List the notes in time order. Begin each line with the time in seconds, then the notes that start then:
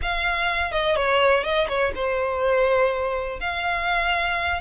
0.02 F5
0.71 D#5
0.95 C#5
1.43 D#5
1.68 C#5
1.95 C5
3.40 F5